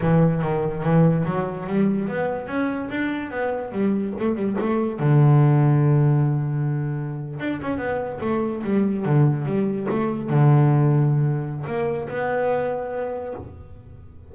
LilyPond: \new Staff \with { instrumentName = "double bass" } { \time 4/4 \tempo 4 = 144 e4 dis4 e4 fis4 | g4 b4 cis'4 d'4 | b4 g4 a8 g8 a4 | d1~ |
d4.~ d16 d'8 cis'8 b4 a16~ | a8. g4 d4 g4 a16~ | a8. d2.~ d16 | ais4 b2. | }